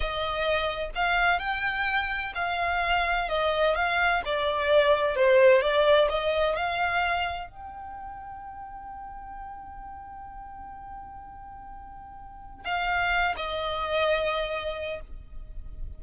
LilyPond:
\new Staff \with { instrumentName = "violin" } { \time 4/4 \tempo 4 = 128 dis''2 f''4 g''4~ | g''4 f''2 dis''4 | f''4 d''2 c''4 | d''4 dis''4 f''2 |
g''1~ | g''1~ | g''2. f''4~ | f''8 dis''2.~ dis''8 | }